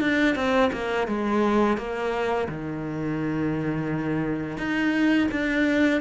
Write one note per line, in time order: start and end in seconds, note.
0.00 0.35 D4
0.35 0.70 C4
0.72 1.07 A#3
1.07 1.77 G#3
1.77 2.48 A#3
2.48 4.57 D#3
4.57 5.28 D#4
5.31 6.01 D4